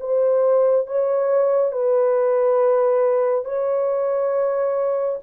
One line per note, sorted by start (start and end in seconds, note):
0.00 0.87 C5
0.87 1.72 C#5
1.72 3.45 B4
3.45 5.19 C#5